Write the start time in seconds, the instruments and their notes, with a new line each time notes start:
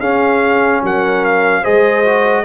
0.00 tuba C#4, trombone C#4, horn G#4, trumpet F5
0.83 tuba F#3, horn A#4, trumpet F#5
1.25 trumpet F5
1.62 tuba G#3, trombone G#4, horn C5, trumpet D#5
2.04 trombone F#4